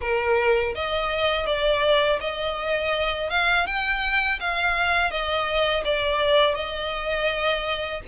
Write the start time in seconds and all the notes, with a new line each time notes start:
0.01 A#4
0.75 D#5
1.46 D5
2.20 D#5
3.30 F5
3.66 G5
4.39 F5
5.10 D#5
5.84 D5
6.55 D#5